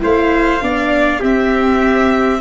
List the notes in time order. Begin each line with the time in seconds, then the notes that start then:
0.00 A3 E4 C5 F5
0.61 B3 D4 D5
1.20 C4 G4 E5